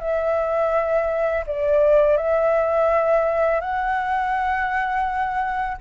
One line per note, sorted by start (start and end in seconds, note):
0.00 1.45 E5
1.47 2.18 D5
2.18 3.61 E5
3.61 5.78 F#5